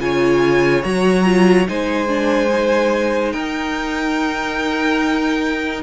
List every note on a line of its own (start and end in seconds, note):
0.00 0.84 C#3
0.00 0.83 F4
0.00 1.70 C#5
0.00 0.84 G#5
0.83 1.68 F#3
0.83 1.25 F#4
0.83 1.68 A#5
1.25 1.66 F4
1.68 3.34 G#3
1.68 2.08 D#4
1.68 3.34 C5
1.68 3.33 G#5
2.08 2.50 D4
2.53 5.84 D#4
3.33 5.84 D#4
3.33 5.84 A#4
3.33 5.83 G5